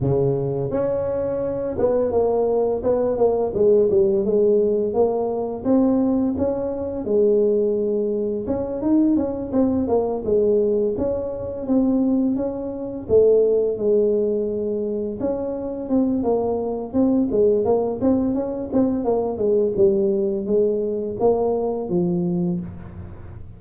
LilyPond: \new Staff \with { instrumentName = "tuba" } { \time 4/4 \tempo 4 = 85 cis4 cis'4. b8 ais4 | b8 ais8 gis8 g8 gis4 ais4 | c'4 cis'4 gis2 | cis'8 dis'8 cis'8 c'8 ais8 gis4 cis'8~ |
cis'8 c'4 cis'4 a4 gis8~ | gis4. cis'4 c'8 ais4 | c'8 gis8 ais8 c'8 cis'8 c'8 ais8 gis8 | g4 gis4 ais4 f4 | }